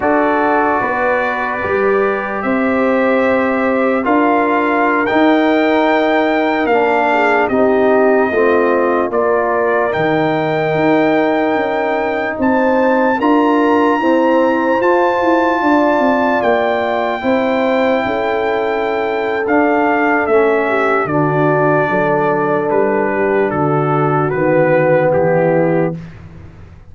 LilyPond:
<<
  \new Staff \with { instrumentName = "trumpet" } { \time 4/4 \tempo 4 = 74 d''2. e''4~ | e''4 f''4~ f''16 g''4.~ g''16~ | g''16 f''4 dis''2 d''8.~ | d''16 g''2. a''8.~ |
a''16 ais''2 a''4.~ a''16~ | a''16 g''2.~ g''8. | f''4 e''4 d''2 | b'4 a'4 b'4 g'4 | }
  \new Staff \with { instrumentName = "horn" } { \time 4/4 a'4 b'2 c''4~ | c''4 ais'2.~ | ais'8. gis'8 g'4 f'4 ais'8.~ | ais'2.~ ais'16 c''8.~ |
c''16 ais'4 c''2 d''8.~ | d''4~ d''16 c''4 a'4.~ a'16~ | a'4. g'8 fis'4 a'4~ | a'8 g'8 fis'2 e'4 | }
  \new Staff \with { instrumentName = "trombone" } { \time 4/4 fis'2 g'2~ | g'4 f'4~ f'16 dis'4.~ dis'16~ | dis'16 d'4 dis'4 c'4 f'8.~ | f'16 dis'2.~ dis'8.~ |
dis'16 f'4 c'4 f'4.~ f'16~ | f'4~ f'16 e'2~ e'8. | d'4 cis'4 d'2~ | d'2 b2 | }
  \new Staff \with { instrumentName = "tuba" } { \time 4/4 d'4 b4 g4 c'4~ | c'4 d'4~ d'16 dis'4.~ dis'16~ | dis'16 ais4 c'4 a4 ais8.~ | ais16 dis4 dis'4 cis'4 c'8.~ |
c'16 d'4 e'4 f'8 e'8 d'8 c'16~ | c'16 ais4 c'4 cis'4.~ cis'16 | d'4 a4 d4 fis4 | g4 d4 dis4 e4 | }
>>